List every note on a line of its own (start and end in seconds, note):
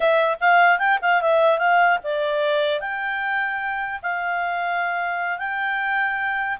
0.00 0.38 E5
0.40 0.78 F5
0.78 0.98 G5
1.01 1.21 F5
1.21 1.58 E5
1.58 1.98 F5
2.03 2.80 D5
2.80 4.00 G5
4.02 5.38 F5
5.38 6.58 G5